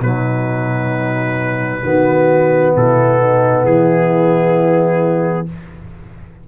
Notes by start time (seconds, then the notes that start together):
0.00 B2 F#3 D#4 B4
1.82 D#3 B3 F#4
2.76 B2 E4 A4
3.20 D#4
3.64 E3 E4 G#4